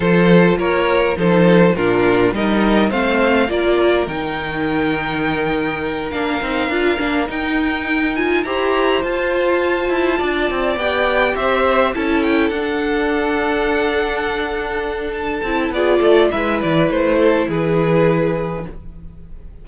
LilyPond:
<<
  \new Staff \with { instrumentName = "violin" } { \time 4/4 \tempo 4 = 103 c''4 cis''4 c''4 ais'4 | dis''4 f''4 d''4 g''4~ | g''2~ g''8 f''4.~ | f''8 g''4. gis''8 ais''4 a''8~ |
a''2~ a''8 g''4 e''8~ | e''8 a''8 g''8 fis''2~ fis''8~ | fis''2 a''4 d''4 | e''8 d''8 c''4 b'2 | }
  \new Staff \with { instrumentName = "violin" } { \time 4/4 a'4 ais'4 a'4 f'4 | ais'4 c''4 ais'2~ | ais'1~ | ais'2~ ais'8 c''4.~ |
c''4. d''2 c''8~ | c''8 a'2.~ a'8~ | a'2. gis'8 a'8 | b'4. a'8 gis'2 | }
  \new Staff \with { instrumentName = "viola" } { \time 4/4 f'2 dis'4 d'4 | dis'4 c'4 f'4 dis'4~ | dis'2~ dis'8 d'8 dis'8 f'8 | d'8 dis'4. f'8 g'4 f'8~ |
f'2~ f'8 g'4.~ | g'8 e'4 d'2~ d'8~ | d'2~ d'8 e'8 f'4 | e'1 | }
  \new Staff \with { instrumentName = "cello" } { \time 4/4 f4 ais4 f4 ais,4 | g4 a4 ais4 dis4~ | dis2~ dis8 ais8 c'8 d'8 | ais8 dis'2 e'4 f'8~ |
f'4 e'8 d'8 c'8 b4 c'8~ | c'8 cis'4 d'2~ d'8~ | d'2~ d'8 c'8 b8 a8 | gis8 e8 a4 e2 | }
>>